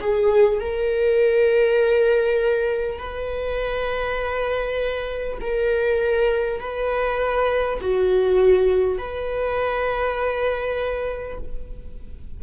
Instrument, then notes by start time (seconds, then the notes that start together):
viola
0.00 G#4
0.60 A#4
2.98 B4
5.40 A#4
6.60 B4
7.81 F#4
8.97 B4